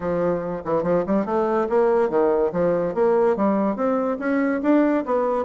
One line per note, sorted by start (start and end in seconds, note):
0.00 0.62 F3
0.65 0.83 E3
0.83 1.04 F3
1.06 1.25 G3
1.25 1.67 A3
1.69 2.09 A#3
2.09 2.51 D#3
2.52 2.94 F3
2.94 3.36 A#3
3.36 3.76 G3
3.76 4.17 C4
4.19 4.61 C#4
4.62 5.04 D4
5.05 5.45 B3